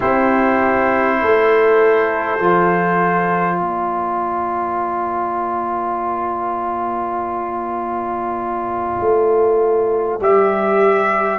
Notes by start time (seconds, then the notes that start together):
0.00 C4 E4 G4 C5
1.21 A3 A4
2.40 F3 F4
3.57 A#3 A#4 D5
9.00 A3
10.20 G3 G4 E5